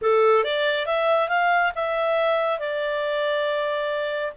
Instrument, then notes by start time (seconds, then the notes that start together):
clarinet
0.01 A4
0.44 D5
0.86 E5
1.28 F5
1.75 E5
2.59 D5